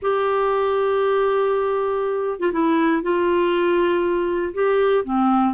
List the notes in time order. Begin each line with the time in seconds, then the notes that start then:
0.01 G4
2.39 F4
2.52 E4
3.02 F4
4.54 G4
5.04 C4